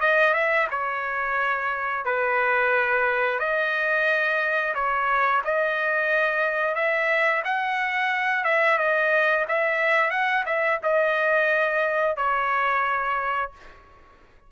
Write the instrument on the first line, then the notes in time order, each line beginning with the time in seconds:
trumpet
0.00 D#5
0.34 E5
0.70 C#5
2.05 B4
3.39 D#5
4.74 C#5
5.44 D#5
6.75 E5
7.44 F#5
8.44 E5
8.78 D#5
9.48 E5
10.10 F#5
10.46 E5
10.83 D#5
12.17 C#5